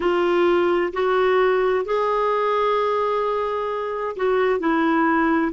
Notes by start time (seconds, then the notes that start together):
0.00 F4
0.93 F#4
1.85 G#4
4.16 F#4
4.59 E4